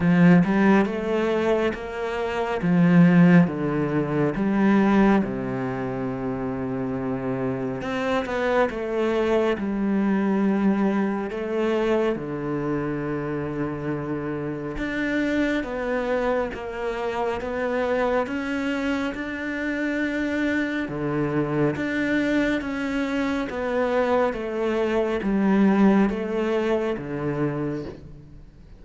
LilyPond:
\new Staff \with { instrumentName = "cello" } { \time 4/4 \tempo 4 = 69 f8 g8 a4 ais4 f4 | d4 g4 c2~ | c4 c'8 b8 a4 g4~ | g4 a4 d2~ |
d4 d'4 b4 ais4 | b4 cis'4 d'2 | d4 d'4 cis'4 b4 | a4 g4 a4 d4 | }